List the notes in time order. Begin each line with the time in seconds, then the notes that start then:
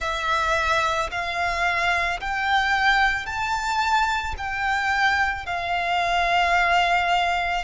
0.00 E5
1.11 F5
2.20 G5
3.25 A5
4.37 G5
5.45 F5